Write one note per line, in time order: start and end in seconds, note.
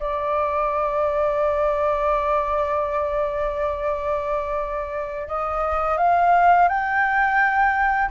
0.00 5.27 D5
5.27 5.98 D#5
5.98 6.68 F5
6.68 8.10 G5